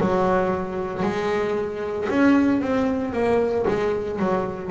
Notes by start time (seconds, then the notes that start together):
0.00 F#3
1.03 G#3
2.09 C#4
2.61 C4
3.13 A#3
3.67 G#3
4.19 F#3